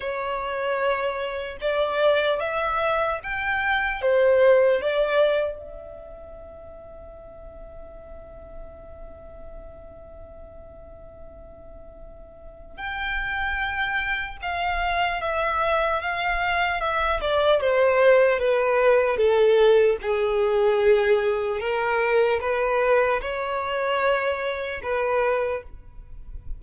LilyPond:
\new Staff \with { instrumentName = "violin" } { \time 4/4 \tempo 4 = 75 cis''2 d''4 e''4 | g''4 c''4 d''4 e''4~ | e''1~ | e''1 |
g''2 f''4 e''4 | f''4 e''8 d''8 c''4 b'4 | a'4 gis'2 ais'4 | b'4 cis''2 b'4 | }